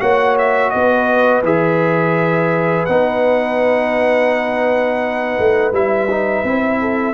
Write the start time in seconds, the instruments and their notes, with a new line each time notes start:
0.00 tuba A#3, trombone F#4, horn C#5, trumpet F#5
0.38 trumpet E5
0.70 tuba B3, horn B4, trumpet D#5
1.42 tuba E3, trombone G#4, trumpet E5
2.85 tuba B3, trombone D#4, trumpet F#5
5.39 tuba A3
5.72 tuba G3, trombone E4, trumpet E5
6.10 trombone D#4
6.44 tuba C4, trombone E4
6.80 horn A4